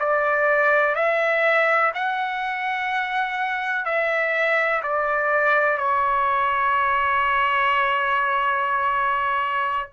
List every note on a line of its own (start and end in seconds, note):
0.00 0.95 D5
0.95 1.92 E5
1.95 3.86 F#5
3.86 4.83 E5
4.83 5.78 D5
5.78 9.89 C#5